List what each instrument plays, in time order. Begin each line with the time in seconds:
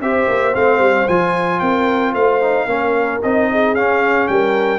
0.00 tuba C4, trombone G4, horn C5, trumpet E5
0.28 tuba A#3
0.55 tuba A3, trombone C4, trumpet F5
0.79 tuba G3
1.08 tuba F3, trombone F4, trumpet G#5
1.60 tuba C4, horn A#4, trumpet G5
2.13 tuba A3, horn C5, trumpet F5
2.42 trombone D#4
2.66 tuba A#3, trombone C#4, horn A#4
3.22 tuba C4, trombone D#4, trumpet D#5
3.51 horn G#4
3.74 tuba C#4, trombone C#4, trumpet F5
4.28 tuba G3, horn A#4, trumpet G5